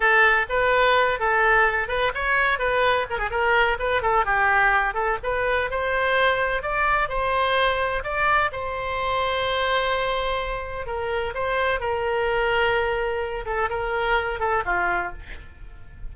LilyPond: \new Staff \with { instrumentName = "oboe" } { \time 4/4 \tempo 4 = 127 a'4 b'4. a'4. | b'8 cis''4 b'4 ais'16 gis'16 ais'4 | b'8 a'8 g'4. a'8 b'4 | c''2 d''4 c''4~ |
c''4 d''4 c''2~ | c''2. ais'4 | c''4 ais'2.~ | ais'8 a'8 ais'4. a'8 f'4 | }